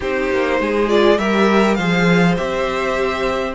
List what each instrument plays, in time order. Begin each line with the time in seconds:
0.00 cello C4, viola D#4, violin G4 C5
0.30 cello A#3
0.60 cello G#3, violin G#4
0.87 viola F4, violin D5
1.18 cello G3, viola G4, violin A#4 E5
1.75 cello F3, viola G#4, violin C5 F5
2.37 cello C4, viola G4, violin E5